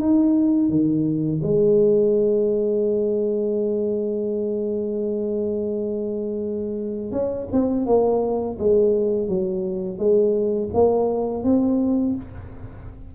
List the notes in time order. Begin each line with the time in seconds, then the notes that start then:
0.00 D#4
0.69 D#3
1.43 G#3
7.12 C#4
7.52 C4
7.86 A#3
8.59 G#3
9.28 F#3
9.98 G#3
10.74 A#3
11.44 C4